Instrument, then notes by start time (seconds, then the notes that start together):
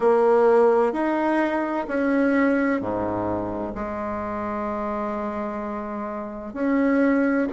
bassoon
0.00 A#3
0.92 D#4
1.87 C#4
2.80 G#2
3.75 G#3
6.53 C#4